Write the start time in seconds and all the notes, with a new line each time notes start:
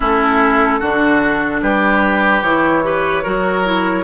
0.00 A3 C#4 E4 A4
0.79 D3 D4 F#4
1.61 G3 G4 B4
2.42 E3 E4 C#5
2.83 G4 B4
3.23 F#3 F#4 A#4
3.65 E4